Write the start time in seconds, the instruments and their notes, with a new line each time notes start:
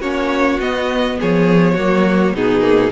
0.00 cello A#3, viola C#4, violin F#4 C#5
0.59 cello B3, viola B3, violin D#5
1.20 cello F3, violin G#4 C#5
1.74 cello F#3, viola A#3, violin F#4
2.33 cello B2, viola B3, violin D#4 G#4
2.62 viola A#3